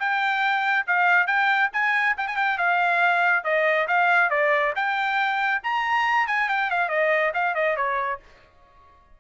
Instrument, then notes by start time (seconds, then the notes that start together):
trumpet
0.00 G5
0.87 F5
1.27 G5
1.73 G#5
2.18 G5
2.28 G#5
2.37 G5
2.58 F5
3.45 D#5
3.88 F5
4.30 D5
4.76 G5
5.64 A#5
6.28 G#5
6.49 G5
6.71 F5
6.89 D#5
7.34 F5
7.55 D#5
7.77 C#5